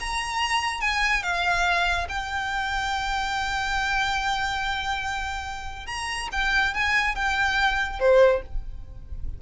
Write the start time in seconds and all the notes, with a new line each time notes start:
0.00 A#5
0.81 G#5
1.23 F5
2.09 G5
5.86 A#5
6.32 G5
6.74 G#5
7.15 G5
8.00 C5